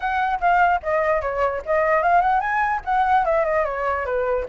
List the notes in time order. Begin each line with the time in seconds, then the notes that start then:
0.00 F#5
0.40 F5
0.83 D#5
1.21 C#5
1.65 D#5
2.02 F5
2.21 F#5
2.40 G#5
2.85 F#5
3.25 E5
3.44 D#5
3.64 C#5
4.05 B4